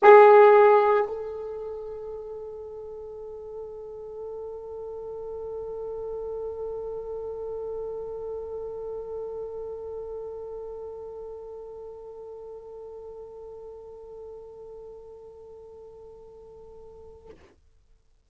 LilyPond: \new Staff \with { instrumentName = "horn" } { \time 4/4 \tempo 4 = 111 gis'2 a'2~ | a'1~ | a'1~ | a'1~ |
a'1~ | a'1~ | a'1~ | a'1 | }